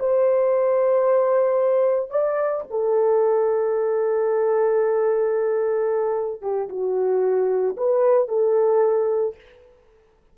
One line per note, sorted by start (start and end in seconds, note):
0.00 2.11 C5
2.11 2.64 D5
2.71 6.42 A4
6.42 6.69 G4
6.70 7.77 F#4
7.78 8.28 B4
8.28 9.36 A4